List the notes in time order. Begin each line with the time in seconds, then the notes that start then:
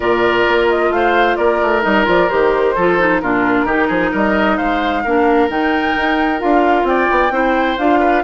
0.00 A#2 F4 A#4 D5
0.47 A#3
0.69 D#5
0.89 A3 C5 F5
1.36 A#3 A#4 D5
1.62 A3
1.82 G3 D#4 D#5
2.04 F3 F4 D5
2.29 D#3 G4 C5
2.75 F3 F4 A4
2.98 D#4
3.20 A#2 D4 F4 A#4
3.64 D#3 D#4 G4
3.87 F3 G#4
4.11 G3 A#4 D#5
4.57 G#3 C5 F5
5.04 A#3 D4 A#4
5.49 D#3 D#4 G5
5.96 D#4
6.38 D4 F4 F5
6.83 C4 D5 G5
7.11 B3
7.30 C4 E4 C5
7.78 D4 F4 F5
7.99 B4